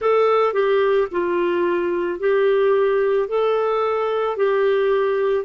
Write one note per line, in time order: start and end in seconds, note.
0.00 0.53 A4
0.53 1.08 G4
1.11 2.19 F4
2.19 3.28 G4
3.28 4.36 A4
4.36 5.44 G4